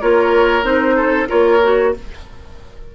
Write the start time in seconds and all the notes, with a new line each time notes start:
0.00 A#3 F4 A#4 C#5
0.63 C4 D#4 C5
0.96 A4
1.28 A#3 F4 A#4 C#5
1.62 F#4